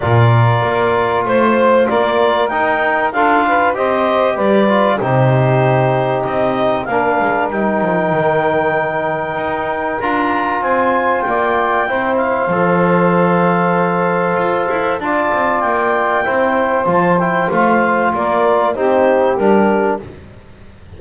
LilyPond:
<<
  \new Staff \with { instrumentName = "clarinet" } { \time 4/4 \tempo 4 = 96 d''2 c''4 d''4 | g''4 f''4 dis''4 d''4 | c''2 dis''4 f''4 | g''1 |
ais''4 gis''4 g''4. f''8~ | f''1 | a''4 g''2 a''8 g''8 | f''4 d''4 c''4 ais'4 | }
  \new Staff \with { instrumentName = "saxophone" } { \time 4/4 ais'2 c''4 ais'4~ | ais'4 a'8 b'8 c''4 b'4 | g'2. ais'4~ | ais'1~ |
ais'4 c''4 d''4 c''4~ | c''1 | d''2 c''2~ | c''4 ais'4 g'2 | }
  \new Staff \with { instrumentName = "trombone" } { \time 4/4 f'1 | dis'4 f'4 g'4. f'8 | dis'2. d'4 | dis'1 |
f'2. e'4 | a'1 | f'2 e'4 f'8 e'8 | f'2 dis'4 d'4 | }
  \new Staff \with { instrumentName = "double bass" } { \time 4/4 ais,4 ais4 a4 ais4 | dis'4 d'4 c'4 g4 | c2 c'4 ais8 gis8 | g8 f8 dis2 dis'4 |
d'4 c'4 ais4 c'4 | f2. f'8 e'8 | d'8 c'8 ais4 c'4 f4 | a4 ais4 c'4 g4 | }
>>